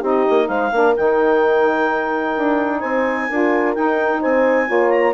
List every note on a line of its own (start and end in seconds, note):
0.00 0.25 C4
0.00 0.71 D#4
0.00 0.47 G4
0.00 0.47 D#5
0.29 0.48 A#3
0.47 0.72 G#3
0.47 0.72 C5
0.47 0.94 F5
0.72 0.95 A#3
0.72 0.95 D4
0.72 2.79 A#4
0.96 2.36 D#3
0.96 3.29 D#4
0.96 2.80 G5
2.36 2.83 D4
2.79 3.29 C4
2.79 3.26 C5
2.79 3.73 G#5
3.29 3.76 D4
3.29 3.75 F4
3.29 4.20 A#4
3.74 4.66 D#4
3.74 4.22 D#4
3.74 4.21 G5
4.20 4.69 C4
4.20 4.67 C5
4.20 4.90 G#5
4.66 5.14 A#3
4.66 5.13 F4
4.66 5.14 C#5
4.90 5.13 A#5